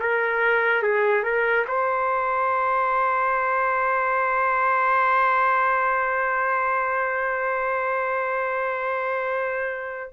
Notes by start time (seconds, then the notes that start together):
0.00 A#4
0.83 G#4
1.23 A#4
1.67 C5